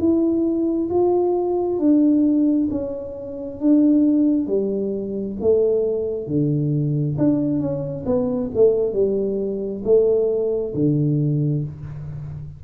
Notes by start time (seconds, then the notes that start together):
0.00 E4
0.90 F4
1.79 D4
2.71 C#4
3.60 D4
4.47 G3
5.41 A3
6.27 D3
7.18 D4
7.60 C#4
8.06 B3
8.56 A3
8.93 G3
9.85 A3
10.75 D3